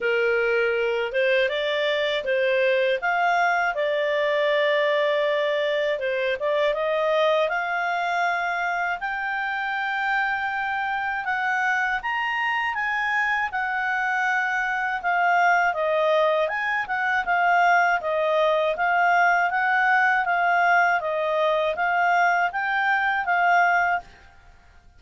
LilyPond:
\new Staff \with { instrumentName = "clarinet" } { \time 4/4 \tempo 4 = 80 ais'4. c''8 d''4 c''4 | f''4 d''2. | c''8 d''8 dis''4 f''2 | g''2. fis''4 |
ais''4 gis''4 fis''2 | f''4 dis''4 gis''8 fis''8 f''4 | dis''4 f''4 fis''4 f''4 | dis''4 f''4 g''4 f''4 | }